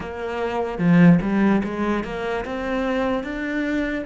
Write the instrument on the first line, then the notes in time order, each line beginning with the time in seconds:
cello
0.00 A#3
0.78 F3
1.21 G3
1.64 G#3
2.04 A#3
2.45 C4
3.23 D4